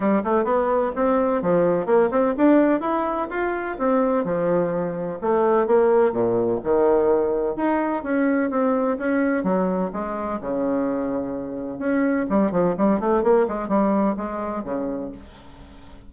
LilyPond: \new Staff \with { instrumentName = "bassoon" } { \time 4/4 \tempo 4 = 127 g8 a8 b4 c'4 f4 | ais8 c'8 d'4 e'4 f'4 | c'4 f2 a4 | ais4 ais,4 dis2 |
dis'4 cis'4 c'4 cis'4 | fis4 gis4 cis2~ | cis4 cis'4 g8 f8 g8 a8 | ais8 gis8 g4 gis4 cis4 | }